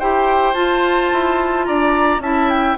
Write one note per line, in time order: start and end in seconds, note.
0.00 0.55 E4
0.00 0.55 G4
0.00 1.67 C5
0.00 0.54 G5
0.54 1.10 F4
0.54 2.22 F4
0.54 1.65 A5
1.13 1.69 E4
1.65 2.20 D4
1.65 2.23 D5
1.65 2.21 A#5
2.20 2.75 C#4
2.20 2.78 E4
2.20 2.78 E5
2.20 2.50 A5
2.50 2.78 G5